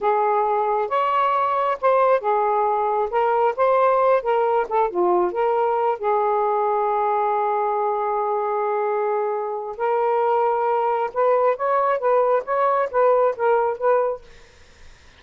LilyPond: \new Staff \with { instrumentName = "saxophone" } { \time 4/4 \tempo 4 = 135 gis'2 cis''2 | c''4 gis'2 ais'4 | c''4. ais'4 a'8 f'4 | ais'4. gis'2~ gis'8~ |
gis'1~ | gis'2 ais'2~ | ais'4 b'4 cis''4 b'4 | cis''4 b'4 ais'4 b'4 | }